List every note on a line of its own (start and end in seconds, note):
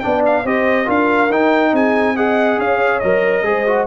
0.00 0.44 B3
0.00 0.44 D4
0.00 0.44 D5
0.00 0.21 G5
0.26 0.46 F5
0.44 0.87 C4
0.44 0.85 G4
0.44 0.85 C5
0.44 0.89 D#5
0.85 1.29 D4
0.85 1.28 F4
0.85 1.71 A#4
0.85 1.31 F5
1.29 1.72 D#4
1.29 2.15 D#4
1.29 1.74 G5
1.72 2.58 C4
1.72 2.15 G#4
1.72 2.16 G#5
2.15 3.01 G#4
2.15 2.59 D#5
2.15 2.59 F#5
2.58 3.01 C#4
2.58 3.44 C#5
2.58 2.99 F5
2.99 3.42 F#3
2.99 3.44 A#4
2.99 3.85 D#5
3.42 3.85 G#3
3.42 3.65 G#4
3.42 3.86 C5
3.66 3.86 F#4